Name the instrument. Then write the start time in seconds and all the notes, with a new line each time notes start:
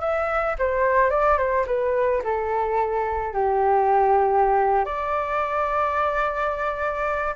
flute
0.00 E5
0.58 C5
1.10 D5
1.37 C5
1.66 B4
2.23 A4
3.33 G4
4.85 D5